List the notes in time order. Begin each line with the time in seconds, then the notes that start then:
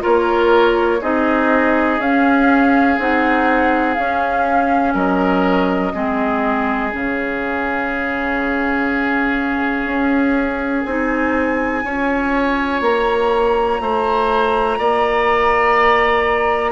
0.00 A#3 F4 A#4 C#5
1.01 C4 D#4 G#4 D#5
1.99 C#4 F5
2.98 C4 D#4 F#5
3.94 C#4 F5
4.94 F#3 A#4 D#5
5.93 G#3 C4 G#4
6.90 C#3 C#4 F5
9.85 C#4
10.84 C4 D#4 G#5
11.84 C#4 F4 C#5
12.81 A#3 A#5
13.80 A3 C5
14.78 A#3 D5